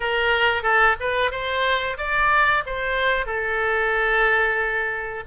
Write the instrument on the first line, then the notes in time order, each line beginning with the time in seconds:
oboe
0.00 A#4
0.63 A4
1.00 B4
1.31 C5
1.97 D5
2.66 C5
3.26 A4